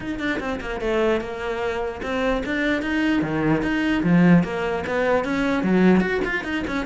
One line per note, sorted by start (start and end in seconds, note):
0.00 0.19 D#4
0.19 0.39 D4
0.39 0.59 C4
0.60 0.80 A#3
0.80 1.20 A3
1.20 2.01 A#3
2.02 2.43 C4
2.45 2.82 D4
2.82 3.22 D#4
3.22 3.62 D#3
3.62 4.02 D#4
4.03 4.43 F3
4.43 4.84 A#3
4.87 5.24 B3
5.24 5.63 C#4
5.63 6.00 F#3
6.00 6.20 F#4
6.24 6.44 F4
6.44 6.64 D#4
6.67 6.86 C#4